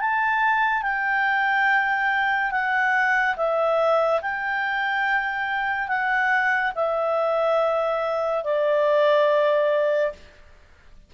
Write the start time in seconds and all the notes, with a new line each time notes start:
0.00 A5
0.83 G5
2.51 F#5
3.36 E5
4.21 G5
5.88 F#5
6.75 E5
8.44 D5